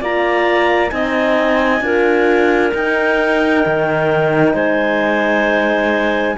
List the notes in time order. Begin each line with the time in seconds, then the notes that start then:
0.00 A#3 F4 D5 A#5
0.90 C4 D#4 D#5 G#5
1.81 D4 F4 A#4
2.73 D#4 G5
3.66 D#3
4.54 G#3 C5 G#5